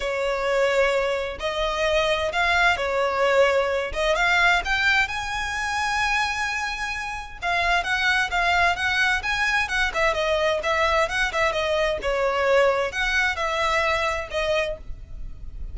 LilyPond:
\new Staff \with { instrumentName = "violin" } { \time 4/4 \tempo 4 = 130 cis''2. dis''4~ | dis''4 f''4 cis''2~ | cis''8 dis''8 f''4 g''4 gis''4~ | gis''1 |
f''4 fis''4 f''4 fis''4 | gis''4 fis''8 e''8 dis''4 e''4 | fis''8 e''8 dis''4 cis''2 | fis''4 e''2 dis''4 | }